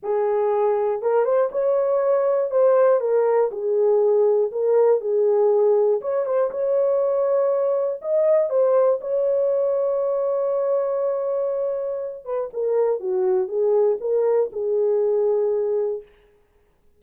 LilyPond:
\new Staff \with { instrumentName = "horn" } { \time 4/4 \tempo 4 = 120 gis'2 ais'8 c''8 cis''4~ | cis''4 c''4 ais'4 gis'4~ | gis'4 ais'4 gis'2 | cis''8 c''8 cis''2. |
dis''4 c''4 cis''2~ | cis''1~ | cis''8 b'8 ais'4 fis'4 gis'4 | ais'4 gis'2. | }